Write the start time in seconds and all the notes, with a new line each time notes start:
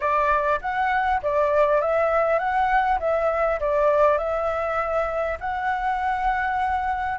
0.00 D5
0.61 F#5
1.22 D5
1.81 E5
2.38 F#5
2.99 E5
3.59 D5
4.18 E5
5.40 F#5